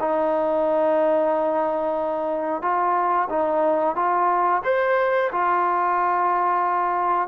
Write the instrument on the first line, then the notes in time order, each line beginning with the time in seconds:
trombone
0.00 D#4
2.62 F4
3.30 D#4
3.96 F4
4.64 C5
5.32 F4